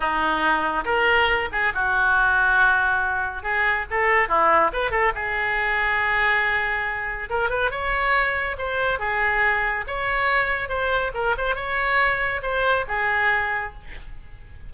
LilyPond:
\new Staff \with { instrumentName = "oboe" } { \time 4/4 \tempo 4 = 140 dis'2 ais'4. gis'8 | fis'1 | gis'4 a'4 e'4 b'8 a'8 | gis'1~ |
gis'4 ais'8 b'8 cis''2 | c''4 gis'2 cis''4~ | cis''4 c''4 ais'8 c''8 cis''4~ | cis''4 c''4 gis'2 | }